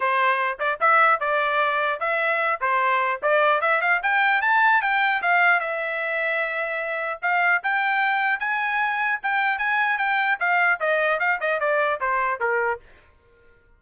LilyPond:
\new Staff \with { instrumentName = "trumpet" } { \time 4/4 \tempo 4 = 150 c''4. d''8 e''4 d''4~ | d''4 e''4. c''4. | d''4 e''8 f''8 g''4 a''4 | g''4 f''4 e''2~ |
e''2 f''4 g''4~ | g''4 gis''2 g''4 | gis''4 g''4 f''4 dis''4 | f''8 dis''8 d''4 c''4 ais'4 | }